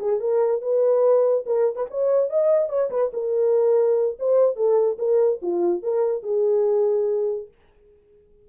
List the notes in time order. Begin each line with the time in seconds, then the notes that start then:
0.00 G#4
0.20 A#4
0.62 B4
1.46 A#4
1.76 B4
1.91 C#5
2.30 D#5
2.70 C#5
2.91 B4
3.14 A#4
4.20 C5
4.56 A4
4.99 A#4
5.42 F4
5.83 A#4
6.23 G#4